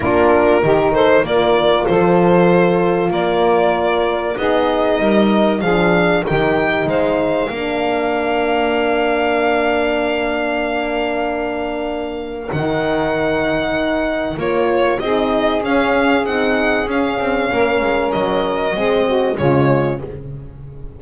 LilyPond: <<
  \new Staff \with { instrumentName = "violin" } { \time 4/4 \tempo 4 = 96 ais'4. c''8 d''4 c''4~ | c''4 d''2 dis''4~ | dis''4 f''4 g''4 f''4~ | f''1~ |
f''1 | fis''2. cis''4 | dis''4 f''4 fis''4 f''4~ | f''4 dis''2 cis''4 | }
  \new Staff \with { instrumentName = "saxophone" } { \time 4/4 f'4 g'8 a'8 ais'4 a'4~ | a'4 ais'2 gis'4 | ais'4 gis'4 g'4 c''4 | ais'1~ |
ais'1~ | ais'1 | gis'1 | ais'2 gis'8 fis'8 f'4 | }
  \new Staff \with { instrumentName = "horn" } { \time 4/4 d'4 dis'4 f'2~ | f'2. dis'4~ | dis'4 d'4 dis'2 | d'1~ |
d'1 | dis'2. f'4 | dis'4 cis'4 dis'4 cis'4~ | cis'2 c'4 gis4 | }
  \new Staff \with { instrumentName = "double bass" } { \time 4/4 ais4 dis4 ais4 f4~ | f4 ais2 b4 | g4 f4 dis4 gis4 | ais1~ |
ais1 | dis2. ais4 | c'4 cis'4 c'4 cis'8 c'8 | ais8 gis8 fis4 gis4 cis4 | }
>>